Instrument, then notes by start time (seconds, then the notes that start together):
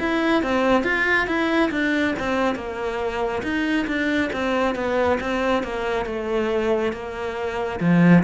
cello
0.00 E4
0.43 C4
0.84 F4
1.27 E4
1.71 D4
2.20 C4
2.56 A#3
3.43 D#4
3.87 D4
4.33 C4
4.75 B3
5.21 C4
5.63 A#3
6.06 A3
6.93 A#3
7.81 F3